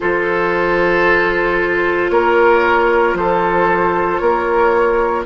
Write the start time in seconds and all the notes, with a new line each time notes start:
0.00 F3 F4 A4 C5
2.09 A#3 A#4 C#5
3.14 F3 A4 C5
4.17 A#3 A#4 C#5